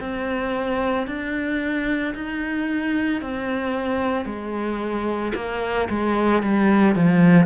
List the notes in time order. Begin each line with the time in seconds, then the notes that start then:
0.00 C4
1.07 D4
2.15 D#4
3.21 C4
4.25 G#3
5.35 A#3
5.89 G#3
6.42 G3
6.95 F3